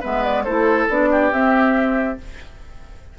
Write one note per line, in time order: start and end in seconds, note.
0.00 0.47 G#3
0.00 0.45 B3
0.00 0.43 B4
0.00 0.23 E5
0.23 0.44 D5
0.44 0.88 A3
0.44 0.89 E4
0.44 1.09 A4
0.44 0.87 C5
0.88 1.32 B3
0.88 1.31 D4
0.88 1.32 D5
1.11 2.19 G4
1.31 2.18 C4
1.31 2.18 E5